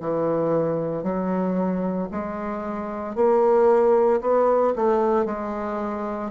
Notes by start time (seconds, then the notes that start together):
0.00 E3
1.03 F#3
2.11 G#3
3.15 A#3
4.21 B3
4.76 A3
5.25 G#3